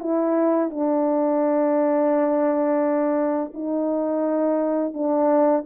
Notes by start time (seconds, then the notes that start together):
0.00 E4
0.70 D4
3.54 D#4
4.94 D4